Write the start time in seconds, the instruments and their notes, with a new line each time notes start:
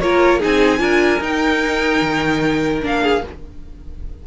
0.00 cello A#3, viola F4, violin A#4 C#5
0.39 cello C4, viola D#4, violin G#4 G#5
0.78 cello D4, viola F4, violin A#4
1.20 cello D#4, viola D#4, violin G5
2.01 cello D#3
2.81 cello A#3, viola D4, violin F5
3.02 violin G#4